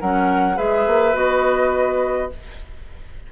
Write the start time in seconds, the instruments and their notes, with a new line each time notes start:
0.00 bassoon F#3, clarinet C#4, oboe A#4, flute F#5
0.55 bassoon G#3, clarinet G#4, oboe B4, flute E5
0.86 bassoon A#3
1.13 bassoon B3, clarinet F#4, flute D#5